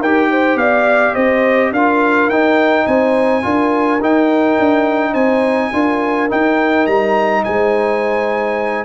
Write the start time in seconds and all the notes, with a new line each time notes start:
0.00 D#4 G4 A#4 G5
0.30 C5
0.56 B3 D5 F5
1.14 C4 C5 D#5
1.72 D4 F4 A#4 F5
2.29 D#4 G5
2.86 C4 C5 G#5
3.42 D4 F4 A#4
4.01 D#4 G5
4.59 D4
5.12 C4 C5 G#5
5.73 D4 F4 A#4
6.29 D#4 G5
6.86 G3 A#5
7.44 G#3 C5 G#5